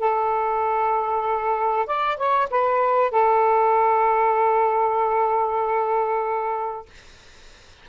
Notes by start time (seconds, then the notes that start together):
0.00 A4
1.87 D5
2.18 C#5
2.51 B4
3.12 A4